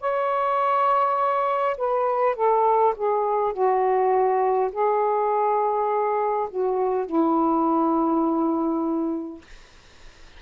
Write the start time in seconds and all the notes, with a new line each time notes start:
0.00 C#5
1.77 B4
2.35 A4
2.96 G#4
3.52 F#4
4.72 G#4
6.50 F#4
7.06 E4